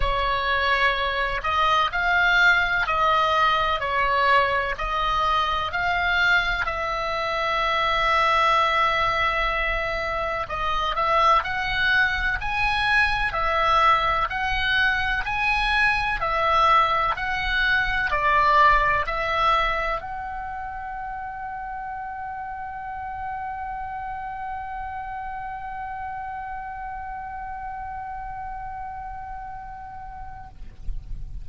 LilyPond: \new Staff \with { instrumentName = "oboe" } { \time 4/4 \tempo 4 = 63 cis''4. dis''8 f''4 dis''4 | cis''4 dis''4 f''4 e''4~ | e''2. dis''8 e''8 | fis''4 gis''4 e''4 fis''4 |
gis''4 e''4 fis''4 d''4 | e''4 fis''2.~ | fis''1~ | fis''1 | }